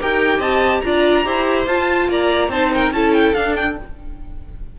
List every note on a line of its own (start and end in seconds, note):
0.00 0.39 D#4
0.00 0.84 G4
0.00 0.39 A#4
0.00 0.41 G5
0.39 0.81 C4
0.39 0.81 D#5
0.39 0.81 A5
0.81 1.25 D4
0.81 1.25 F4
0.81 1.25 D5
0.81 1.65 A#5
1.25 1.67 E4
1.25 1.67 G4
1.25 2.09 C5
1.67 2.08 F4
1.67 2.51 F4
1.67 2.10 A5
2.08 2.49 A#3
2.08 2.51 D5
2.08 2.51 A#5
2.49 2.91 C4
2.49 2.94 D#4
2.49 2.72 C5
2.49 2.72 A5
2.74 2.94 A#4
2.74 2.93 G5
2.91 3.33 C#4
2.91 3.35 E4
2.91 3.79 A4
2.91 3.14 A5
3.14 3.34 G5
3.34 3.77 D4
3.34 3.55 F5
3.56 3.77 G5